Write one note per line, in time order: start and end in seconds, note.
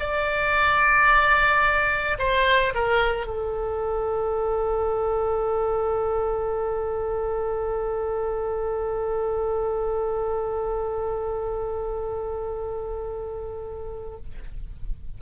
0.00 2.18 D5
2.19 2.74 C5
2.75 3.27 A#4
3.27 14.18 A4